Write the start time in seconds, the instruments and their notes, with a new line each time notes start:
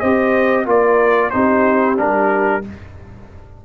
0.00 tuba C4, trombone G4, horn C5, trumpet D#5
0.66 tuba A#3, trombone F4, horn A#4, trumpet D5
1.30 tuba C4, trombone D#4, horn G4, trumpet C5
1.96 tuba G3, trombone D4, trumpet A#4